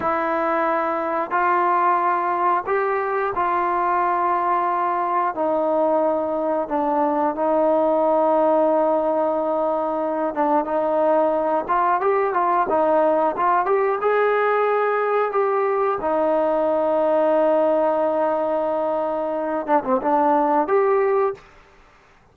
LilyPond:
\new Staff \with { instrumentName = "trombone" } { \time 4/4 \tempo 4 = 90 e'2 f'2 | g'4 f'2. | dis'2 d'4 dis'4~ | dis'2.~ dis'8 d'8 |
dis'4. f'8 g'8 f'8 dis'4 | f'8 g'8 gis'2 g'4 | dis'1~ | dis'4. d'16 c'16 d'4 g'4 | }